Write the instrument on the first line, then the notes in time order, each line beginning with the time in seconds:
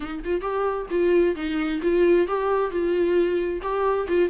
viola
0.00 D#4
0.24 F4
0.41 G4
0.90 F4
1.35 D#4
1.82 F4
2.27 G4
2.70 F4
3.62 G4
4.08 F4